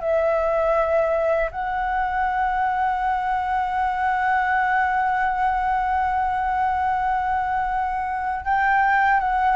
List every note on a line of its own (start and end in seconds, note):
0.00 1.50 E5
1.51 8.44 F#5
8.45 9.19 G5
9.19 9.56 F#5